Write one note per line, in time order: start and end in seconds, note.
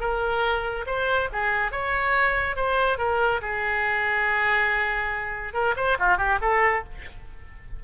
0.00 0.85 A#4
0.86 1.29 C5
1.32 1.72 G#4
1.72 2.56 C#5
2.56 2.98 C5
2.98 3.41 A#4
3.42 5.53 G#4
5.53 5.75 A#4
5.76 5.98 C5
5.99 6.18 F4
6.18 6.39 G4
6.41 6.84 A4